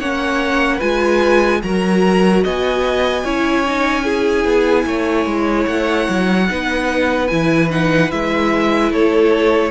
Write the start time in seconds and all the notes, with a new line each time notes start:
0.00 A#3 C#4 C#5 F#5
0.77 G#3 F4 B4 G#5
1.63 F#3 F#4 A#4 A#5
2.44 B3 D#5 G#5
3.25 C#4 E4 C#5
3.66 D#4
4.04 E4 G#4
4.45 B3
4.86 A3 C#5
5.26 G#3
5.67 A3 F#5
6.09 F#3
6.48 B3 D#4 B4
7.28 E3 E4 G#5
7.70 D#4 F#5
8.11 G#3 E4 E5
8.92 A3 A4 C#5